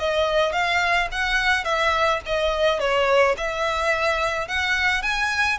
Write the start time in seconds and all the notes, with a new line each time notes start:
0.00 D#5
0.53 F5
1.12 F#5
1.65 E5
2.27 D#5
2.80 C#5
3.37 E5
4.48 F#5
5.03 G#5